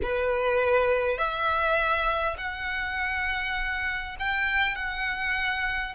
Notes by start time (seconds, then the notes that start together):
0.02 B4
1.17 E5
2.37 F#5
4.19 G5
4.75 F#5